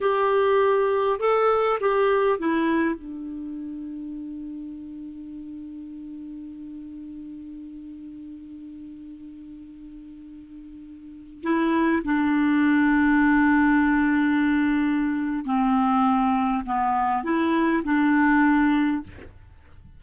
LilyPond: \new Staff \with { instrumentName = "clarinet" } { \time 4/4 \tempo 4 = 101 g'2 a'4 g'4 | e'4 d'2.~ | d'1~ | d'1~ |
d'2.~ d'16 e'8.~ | e'16 d'2.~ d'8.~ | d'2 c'2 | b4 e'4 d'2 | }